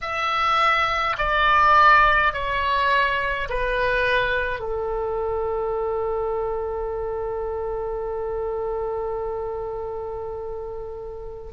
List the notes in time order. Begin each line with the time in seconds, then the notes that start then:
0.01 E5
1.17 D5
2.33 C#5
3.49 B4
4.59 A4